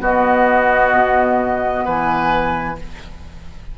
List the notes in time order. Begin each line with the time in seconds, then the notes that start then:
0.00 B3 F#4 D#5
0.93 B2
1.85 E3 B4 G#5